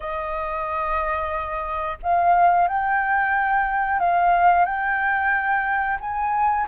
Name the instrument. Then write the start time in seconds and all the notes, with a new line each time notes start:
flute
0.00 D#5
2.02 F5
2.68 G5
3.99 F5
4.65 G5
6.00 G#5